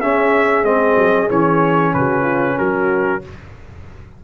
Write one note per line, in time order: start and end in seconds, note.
0.00 0.64 C#4
0.00 1.95 G#4
0.00 0.65 E5
0.64 0.96 G#3
0.64 1.29 C4
0.64 1.30 D#5
0.97 1.29 F#3
1.29 1.95 E3
1.29 3.22 C#4
1.29 1.94 C#5
1.94 2.60 C#3
1.94 2.22 F#4
1.94 2.58 B4
2.22 2.54 F4
2.58 3.24 F#3
2.58 3.22 F#4
2.58 3.23 A#4